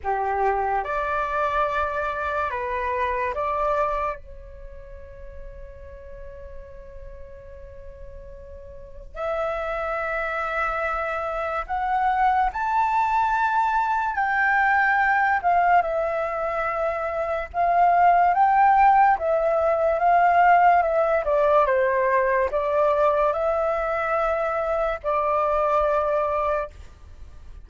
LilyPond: \new Staff \with { instrumentName = "flute" } { \time 4/4 \tempo 4 = 72 g'4 d''2 b'4 | d''4 cis''2.~ | cis''2. e''4~ | e''2 fis''4 a''4~ |
a''4 g''4. f''8 e''4~ | e''4 f''4 g''4 e''4 | f''4 e''8 d''8 c''4 d''4 | e''2 d''2 | }